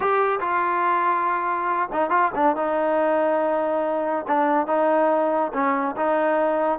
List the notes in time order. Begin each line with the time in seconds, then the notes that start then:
0.00 G4
0.40 F4
1.92 D#4
2.09 F4
2.35 D4
2.56 D#4
4.27 D4
4.67 D#4
5.53 C#4
5.96 D#4